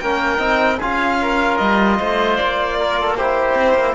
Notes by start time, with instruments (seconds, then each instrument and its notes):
0.00 cello A#3, trombone C#4, oboe A#4, violin G5
0.38 cello C4, trombone D#4
0.78 cello C#4, trombone F4, oboe G#4, violin F5
1.21 oboe A#4
1.57 cello G3, violin D#5
1.99 cello A3, oboe C5
2.36 cello A#3, violin D5
2.79 oboe A#4
3.01 oboe A4
3.17 trombone E4, oboe G4, violin C5
3.54 cello C4
3.74 cello A#3